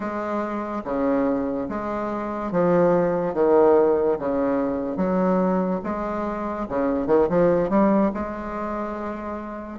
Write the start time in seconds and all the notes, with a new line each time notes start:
0.00 G#3
0.84 C#3
1.68 G#3
2.51 F3
3.34 D#3
4.19 C#3
4.97 F#3
5.83 G#3
6.68 C#3
7.06 D#3
7.29 F3
7.69 G3
8.14 G#3